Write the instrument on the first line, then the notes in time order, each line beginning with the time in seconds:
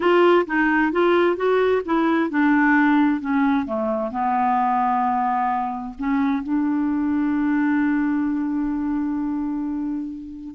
clarinet
0.00 F4
0.46 D#4
0.92 F4
1.36 F#4
1.85 E4
2.30 D4
3.20 C#4
3.66 A3
4.11 B3
5.98 C#4
6.43 D4